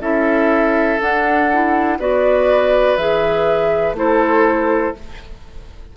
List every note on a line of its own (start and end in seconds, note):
0.00 0.98 C#4
0.00 1.00 E4
0.00 1.98 A4
0.00 1.00 E5
1.00 1.49 D4
1.00 1.99 D4
1.00 2.00 F#5
1.53 2.00 E4
1.99 2.97 B3
1.99 2.98 F#4
1.99 3.96 B4
1.99 2.97 D5
2.97 3.93 E3
2.97 3.96 G#4
2.97 3.95 E5
3.93 4.92 A3
3.93 4.94 E4
3.93 4.97 A4
3.93 4.96 C5